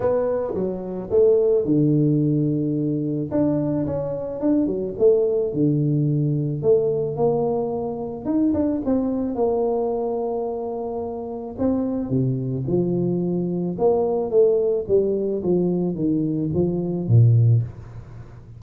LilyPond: \new Staff \with { instrumentName = "tuba" } { \time 4/4 \tempo 4 = 109 b4 fis4 a4 d4~ | d2 d'4 cis'4 | d'8 fis8 a4 d2 | a4 ais2 dis'8 d'8 |
c'4 ais2.~ | ais4 c'4 c4 f4~ | f4 ais4 a4 g4 | f4 dis4 f4 ais,4 | }